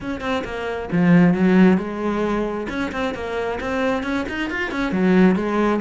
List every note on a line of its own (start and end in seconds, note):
0.00 0.20 C#4
0.20 0.43 C4
0.44 0.89 A#3
0.92 1.34 F3
1.34 1.77 F#3
1.77 2.67 G#3
2.69 2.91 C#4
2.91 3.14 C4
3.14 3.59 A#3
3.60 4.03 C4
4.03 4.25 C#4
4.28 4.50 D#4
4.50 4.71 F4
4.71 4.91 C#4
4.91 5.35 F#3
5.35 5.80 G#3